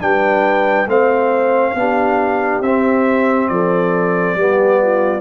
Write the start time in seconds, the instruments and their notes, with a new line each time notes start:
0.00 tuba G3, trombone D4, horn B4, trumpet G5
0.86 tuba A3, trombone C4, horn C5, trumpet F5
1.75 tuba B3, trombone D4, horn G4
2.61 tuba C4, trombone C4, trumpet E5
3.48 tuba F3, horn A4, trumpet D5
4.35 tuba G3, trombone B3, horn G4
4.83 horn F4